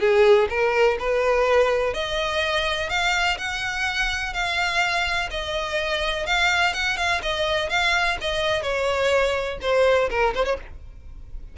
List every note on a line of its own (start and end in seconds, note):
0.00 0.48 G#4
0.49 0.97 A#4
0.99 1.94 B4
1.94 2.89 D#5
2.89 3.37 F5
3.38 4.33 F#5
4.33 5.29 F5
5.31 6.26 D#5
6.26 6.73 F5
6.73 6.97 F#5
6.97 7.21 F5
7.22 7.69 D#5
7.69 8.17 F5
8.21 8.62 D#5
8.62 9.58 C#5
9.61 10.09 C5
10.10 10.34 A#4
10.34 10.45 C5
10.45 10.57 C#5